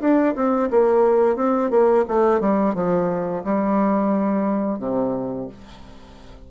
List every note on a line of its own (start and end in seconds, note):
0.00 0.34 D4
0.35 0.69 C4
0.70 1.36 A#3
1.36 1.70 C4
1.70 2.05 A#3
2.08 2.40 A3
2.40 2.74 G3
2.74 3.43 F3
3.44 4.79 G3
4.79 5.48 C3